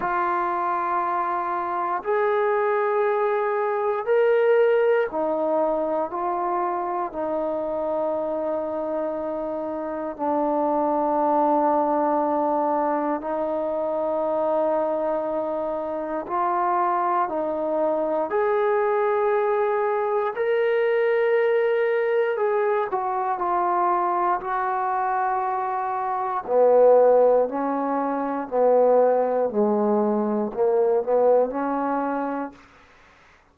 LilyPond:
\new Staff \with { instrumentName = "trombone" } { \time 4/4 \tempo 4 = 59 f'2 gis'2 | ais'4 dis'4 f'4 dis'4~ | dis'2 d'2~ | d'4 dis'2. |
f'4 dis'4 gis'2 | ais'2 gis'8 fis'8 f'4 | fis'2 b4 cis'4 | b4 gis4 ais8 b8 cis'4 | }